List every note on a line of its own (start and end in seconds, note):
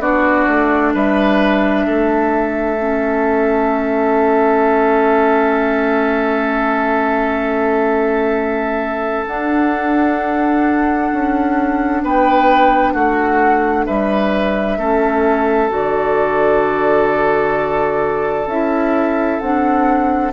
0.00 0.46 B3
0.00 2.77 D4
0.00 0.94 F#4
0.00 0.94 D5
0.48 0.95 A3
0.94 1.87 G3
0.94 1.87 B4
0.94 9.27 E5
1.87 9.27 A3
1.87 12.03 A4
2.80 9.26 C#4
9.27 11.12 D4
9.27 14.80 D4
9.27 12.04 F#5
11.13 12.03 C#4
12.03 12.95 B3
12.03 12.94 B4
12.03 12.93 G5
12.93 13.87 A3
12.93 13.86 F#4
12.93 13.85 F#5
13.87 14.77 G3
13.87 14.79 B4
13.87 15.71 E5
14.77 15.70 A3
14.77 15.70 C#4
14.77 20.33 A4
15.70 18.47 D3
15.70 18.47 F#4
15.70 18.48 D5
18.47 19.39 C#4
18.47 19.42 E4
18.47 19.40 E5
19.40 20.33 C4
19.40 20.33 D4
19.40 20.32 F#5